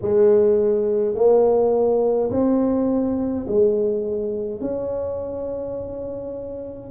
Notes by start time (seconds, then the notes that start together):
0.01 G#3
1.14 A#3
2.30 C4
3.47 G#3
4.60 C#4